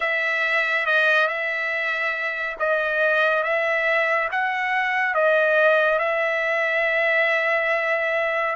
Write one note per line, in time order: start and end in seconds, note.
0.00 0.86 E5
0.86 1.27 D#5
1.27 2.56 E5
2.59 3.43 D#5
3.43 4.29 E5
4.31 5.14 F#5
5.14 5.98 D#5
5.98 8.55 E5